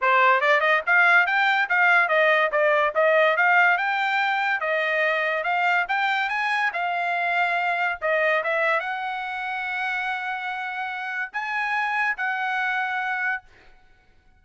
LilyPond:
\new Staff \with { instrumentName = "trumpet" } { \time 4/4 \tempo 4 = 143 c''4 d''8 dis''8 f''4 g''4 | f''4 dis''4 d''4 dis''4 | f''4 g''2 dis''4~ | dis''4 f''4 g''4 gis''4 |
f''2. dis''4 | e''4 fis''2.~ | fis''2. gis''4~ | gis''4 fis''2. | }